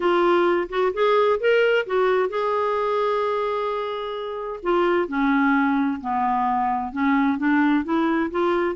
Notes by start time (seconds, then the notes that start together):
0.00 F4
0.69 F#4
0.93 G#4
1.40 A#4
1.86 F#4
2.29 G#4
4.62 F4
5.08 C#4
6.00 B3
6.92 C#4
7.38 D4
7.84 E4
8.31 F4